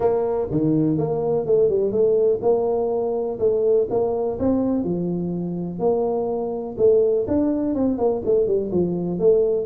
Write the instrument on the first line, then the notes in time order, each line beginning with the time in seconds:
tuba
0.00 A#3
0.50 D#3
0.97 A#3
1.46 A3
1.69 G3
1.91 A3
2.41 A#3
3.39 A3
3.90 A#3
4.39 C4
4.84 F3
5.79 A#3
6.77 A3
7.27 D4
7.74 C4
7.98 A#3
8.25 A3
8.46 G3
8.71 F3
9.19 A3